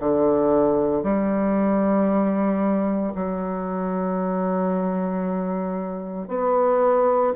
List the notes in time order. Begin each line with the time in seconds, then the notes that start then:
0.00 D3
1.03 G3
3.15 F#3
6.28 B3